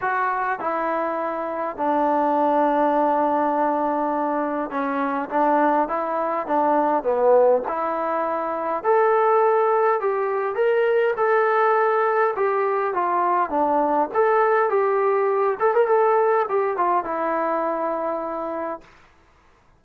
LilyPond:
\new Staff \with { instrumentName = "trombone" } { \time 4/4 \tempo 4 = 102 fis'4 e'2 d'4~ | d'1 | cis'4 d'4 e'4 d'4 | b4 e'2 a'4~ |
a'4 g'4 ais'4 a'4~ | a'4 g'4 f'4 d'4 | a'4 g'4. a'16 ais'16 a'4 | g'8 f'8 e'2. | }